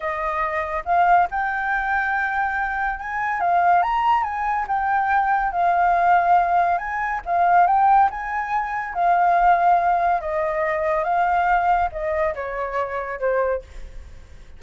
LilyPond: \new Staff \with { instrumentName = "flute" } { \time 4/4 \tempo 4 = 141 dis''2 f''4 g''4~ | g''2. gis''4 | f''4 ais''4 gis''4 g''4~ | g''4 f''2. |
gis''4 f''4 g''4 gis''4~ | gis''4 f''2. | dis''2 f''2 | dis''4 cis''2 c''4 | }